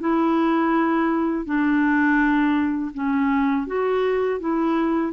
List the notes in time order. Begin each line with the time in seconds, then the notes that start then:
0.00 E4
1.45 D4
2.94 C#4
3.67 F#4
4.40 E4